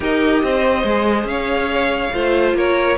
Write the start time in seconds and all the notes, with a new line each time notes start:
0.00 D#4 G4 A#4 D#5
0.43 C4 C5
0.84 G#3 G#4
1.24 C#4 C#5 F5
2.13 A3 F4 C5
2.54 A#3 A#4 C#5